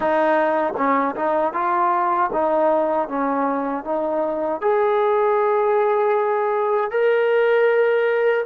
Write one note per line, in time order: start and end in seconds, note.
0.00 0.73 D#4
0.76 1.15 C#4
1.15 1.53 D#4
1.53 2.30 F4
2.32 3.08 D#4
3.08 3.84 C#4
3.84 4.61 D#4
4.61 6.91 G#4
6.91 8.44 A#4